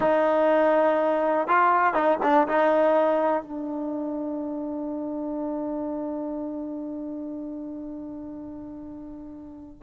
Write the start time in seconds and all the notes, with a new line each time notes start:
0.00 D#4
1.47 F4
1.94 D#4
2.22 D4
2.48 D#4
3.42 D4